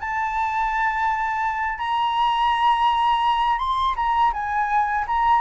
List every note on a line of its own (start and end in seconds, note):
0.00 1.78 A5
1.78 3.58 A#5
3.58 3.95 C6
3.96 4.32 A#5
4.33 5.05 G#5
5.07 5.41 A#5